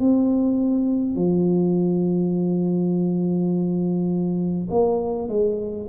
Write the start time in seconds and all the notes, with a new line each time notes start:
0.00 C4
1.16 F3
4.71 A#3
5.29 G#3